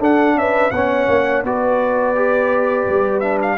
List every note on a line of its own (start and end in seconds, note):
0.00 0.72 D4
0.00 0.36 D4
0.00 0.36 A4
0.00 0.39 F#5
0.36 0.72 C#4
0.36 0.74 B4
0.36 0.71 E5
0.71 1.08 B3
0.71 1.46 C#4
0.71 1.46 C#5
0.71 1.43 F#5
1.08 1.44 A#3
1.44 2.87 B3
1.44 2.16 F#4
1.44 3.58 B4
1.44 3.21 D5
2.16 3.23 G4
2.89 3.58 G3
3.21 3.58 D4
3.21 3.39 E5
3.43 3.58 F5